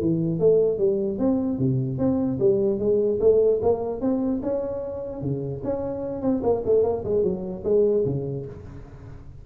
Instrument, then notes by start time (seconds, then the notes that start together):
tuba
0.00 E3
0.39 A3
0.78 G3
1.18 C4
1.58 C3
1.98 C4
2.39 G3
2.79 G#3
3.20 A3
3.62 A#3
4.01 C4
4.42 C#4
5.21 C#3
5.64 C#4
6.22 C4
6.43 A#3
6.65 A3
6.83 A#3
7.04 G#3
7.23 F#3
7.64 G#3
8.05 C#3